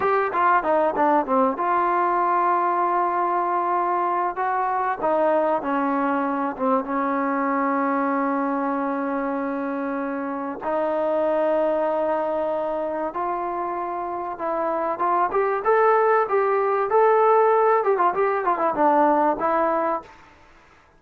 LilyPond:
\new Staff \with { instrumentName = "trombone" } { \time 4/4 \tempo 4 = 96 g'8 f'8 dis'8 d'8 c'8 f'4.~ | f'2. fis'4 | dis'4 cis'4. c'8 cis'4~ | cis'1~ |
cis'4 dis'2.~ | dis'4 f'2 e'4 | f'8 g'8 a'4 g'4 a'4~ | a'8 g'16 f'16 g'8 f'16 e'16 d'4 e'4 | }